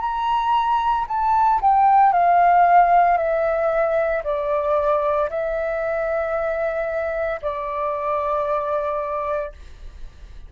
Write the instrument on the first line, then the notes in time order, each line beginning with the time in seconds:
flute
0.00 A#5
1.08 A5
1.61 G5
2.12 F5
3.17 E5
4.24 D5
5.30 E5
7.42 D5